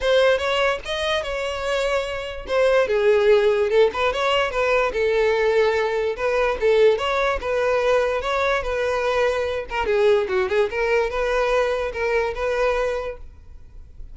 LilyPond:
\new Staff \with { instrumentName = "violin" } { \time 4/4 \tempo 4 = 146 c''4 cis''4 dis''4 cis''4~ | cis''2 c''4 gis'4~ | gis'4 a'8 b'8 cis''4 b'4 | a'2. b'4 |
a'4 cis''4 b'2 | cis''4 b'2~ b'8 ais'8 | gis'4 fis'8 gis'8 ais'4 b'4~ | b'4 ais'4 b'2 | }